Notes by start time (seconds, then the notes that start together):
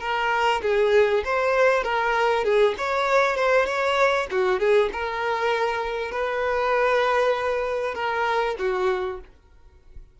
0.00 A#4
0.62 G#4
1.24 C5
1.83 A#4
2.44 G#4
2.77 C#5
3.36 C5
3.66 C#5
4.31 F#4
4.59 G#4
4.93 A#4
6.11 B4
7.94 A#4
8.58 F#4